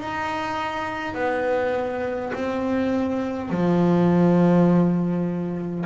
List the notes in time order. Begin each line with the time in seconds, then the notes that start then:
0.00 D#4
1.15 B3
2.34 C4
3.50 F3